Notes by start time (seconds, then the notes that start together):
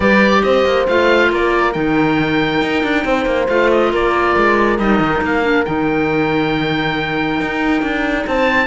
0.00 G3 G4 B4 D5
0.42 C4 C5 D#5
0.65 A#3
0.88 A3 F4 F5
1.31 A#3 A#4 D5
1.72 D#3 D#4 G5
2.61 D#4
2.83 D4
3.04 C4 C5
3.25 A#3
3.48 A3 F4 F5
3.71 D#5
3.91 A#3 A#4 D5
4.36 G#3
4.78 G3 D#4 D#5
4.99 D#3
5.21 A#3 F5
5.41 D4
5.64 D#3 D#4 G5
7.40 D#4
7.81 D4
8.26 C4 C5 A5